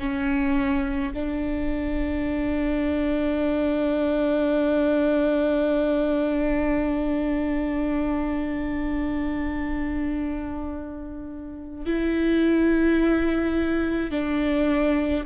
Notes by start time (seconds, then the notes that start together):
0.00 C#4
1.13 D4
11.86 E4
14.11 D4